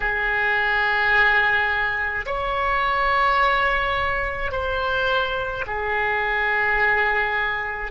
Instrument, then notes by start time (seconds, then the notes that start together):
oboe
0.00 G#4
2.25 C#5
4.51 C5
5.67 G#4